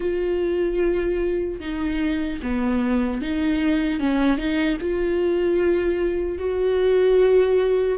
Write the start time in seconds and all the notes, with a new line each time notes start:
0.00 F4
1.60 D#4
2.42 B3
3.21 D#4
3.99 C#4
4.37 D#4
4.80 F4
6.38 F#4